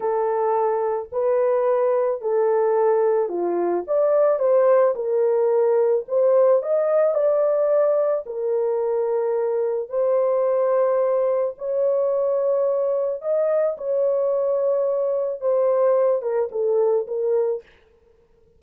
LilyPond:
\new Staff \with { instrumentName = "horn" } { \time 4/4 \tempo 4 = 109 a'2 b'2 | a'2 f'4 d''4 | c''4 ais'2 c''4 | dis''4 d''2 ais'4~ |
ais'2 c''2~ | c''4 cis''2. | dis''4 cis''2. | c''4. ais'8 a'4 ais'4 | }